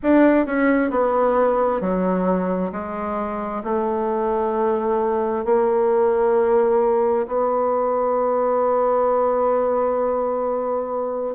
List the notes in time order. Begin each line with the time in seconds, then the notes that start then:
0.02 D4
0.45 C#4
0.90 B3
1.80 F#3
2.71 G#3
3.63 A3
5.45 A#3
7.27 B3